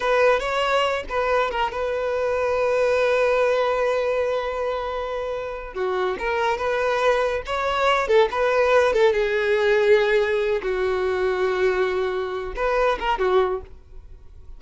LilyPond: \new Staff \with { instrumentName = "violin" } { \time 4/4 \tempo 4 = 141 b'4 cis''4. b'4 ais'8 | b'1~ | b'1~ | b'4. fis'4 ais'4 b'8~ |
b'4. cis''4. a'8 b'8~ | b'4 a'8 gis'2~ gis'8~ | gis'4 fis'2.~ | fis'4. b'4 ais'8 fis'4 | }